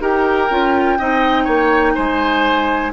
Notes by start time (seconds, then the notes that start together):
0.00 D#4 G4 A#4 G5
0.50 C#4 F4
0.99 C4 D#4 D#5
1.44 A#3 C#5
1.95 G#3 C5 G#5